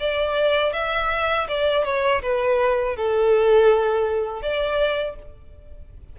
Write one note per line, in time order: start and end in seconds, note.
0.00 0.73 D5
0.73 1.47 E5
1.48 1.85 D5
1.85 2.22 C#5
2.22 2.96 B4
2.96 4.42 A4
4.42 5.16 D5